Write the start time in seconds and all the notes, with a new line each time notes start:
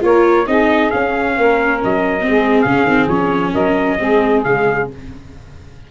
0.00 A#3 F4 A#4 C#5
0.46 C4 D#4 G#4 D#5
0.90 C#4 F5
1.37 A#3 A#4
1.84 F#3 D#5
2.21 C4
2.28 G#3 G#4
2.61 C#3 C#4 F5
2.83 D#3 C4
3.08 F3 C#4 C#5
3.52 F#3 A#4 D#5
3.98 G#3 C4 G#4
4.44 C#3 G#3 F5